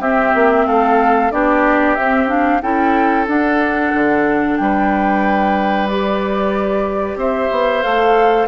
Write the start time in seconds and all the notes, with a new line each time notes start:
0.00 C4 G4 E5
0.34 A#3
0.67 A3 A4 F5
1.32 B3 D4 G4 D5
1.95 C4 E5
2.27 D4 F5
2.62 C#4 E4 A4 G5
3.27 D4 F#5
3.94 D3
4.57 G3 B4 G5
5.87 G4 D5
7.16 C4 C5 E5
7.51 B3
7.83 A3 A4 F5